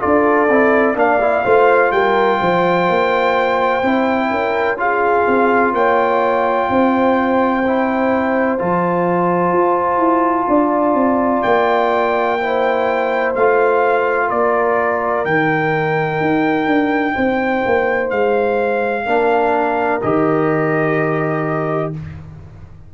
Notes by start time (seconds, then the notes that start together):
0.00 D4 F4 A4 D5
0.49 C4 E4
0.96 A#3 D4 D5 F5
1.21 E4
1.45 A3 F4 C5
1.92 G3 A#4 G5
2.39 F3 C5
2.89 A#3
3.83 C4 E4
4.31 C#4 A#4
4.78 F4 G#4 F5
5.28 C4
5.73 A#3 C#5 G5
6.70 C4 C5
7.67 E4
8.59 F3 F4 A5
9.53 F4
9.98 E4
10.49 D4 D5
10.95 C4
11.43 A#3 G5
12.40 E4 C5
13.35 A3 F4 F5
14.28 A#3 A#4 D5
15.25 D#3 D#4 G5
16.21 D#4
16.67 D4
17.14 C4 C5
17.66 A#3
18.10 G#3 F5
19.06 A#3 D4 A#4
20.02 D#3 G4 D#5